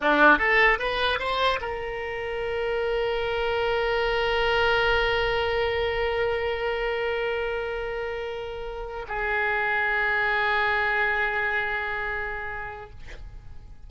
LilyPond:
\new Staff \with { instrumentName = "oboe" } { \time 4/4 \tempo 4 = 149 d'4 a'4 b'4 c''4 | ais'1~ | ais'1~ | ais'1~ |
ais'1~ | ais'2~ ais'8 gis'4.~ | gis'1~ | gis'1 | }